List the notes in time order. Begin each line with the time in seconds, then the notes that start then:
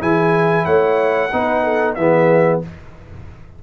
0.00 E3 E4 G#4 G#5
0.65 A3 C#5 F#5
1.33 B3 D#4 B4
1.64 A4
1.95 E3 B3 G#4 E5